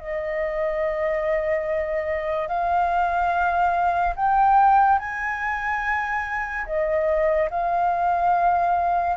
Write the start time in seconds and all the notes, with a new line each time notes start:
0.00 D#5
2.48 F5
4.16 G5
4.99 G#5
6.66 D#5
7.50 F5